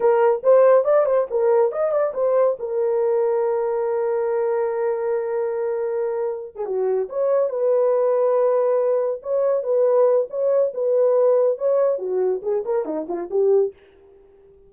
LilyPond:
\new Staff \with { instrumentName = "horn" } { \time 4/4 \tempo 4 = 140 ais'4 c''4 d''8 c''8 ais'4 | dis''8 d''8 c''4 ais'2~ | ais'1~ | ais'2.~ ais'16 gis'16 fis'8~ |
fis'8 cis''4 b'2~ b'8~ | b'4. cis''4 b'4. | cis''4 b'2 cis''4 | fis'4 gis'8 ais'8 dis'8 f'8 g'4 | }